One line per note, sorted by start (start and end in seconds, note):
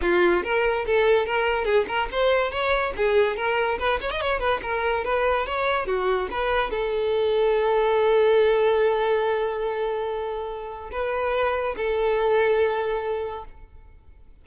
0.01 0.43 F4
0.43 0.85 A#4
0.86 1.25 A4
1.25 1.64 A#4
1.64 1.85 G#4
1.87 2.08 A#4
2.11 2.51 C5
2.51 2.93 C#5
2.96 3.36 G#4
3.36 3.78 A#4
3.79 4.00 B4
4.00 4.11 C#5
4.11 4.21 D#5
4.21 4.39 C#5
4.39 4.60 B4
4.62 5.04 A#4
5.04 5.46 B4
5.46 5.86 C#5
5.86 6.28 F#4
6.31 6.70 B4
6.70 10.90 A4
10.91 11.75 B4
11.76 13.44 A4